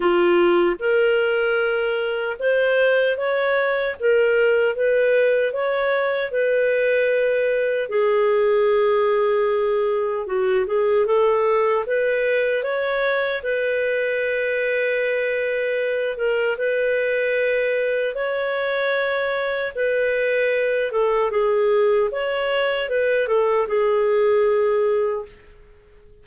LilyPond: \new Staff \with { instrumentName = "clarinet" } { \time 4/4 \tempo 4 = 76 f'4 ais'2 c''4 | cis''4 ais'4 b'4 cis''4 | b'2 gis'2~ | gis'4 fis'8 gis'8 a'4 b'4 |
cis''4 b'2.~ | b'8 ais'8 b'2 cis''4~ | cis''4 b'4. a'8 gis'4 | cis''4 b'8 a'8 gis'2 | }